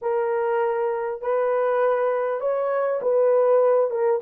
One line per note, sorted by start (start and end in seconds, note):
0.01 1.21 A#4
1.21 2.40 B4
2.40 3.00 C#5
3.02 3.90 B4
3.90 4.20 A#4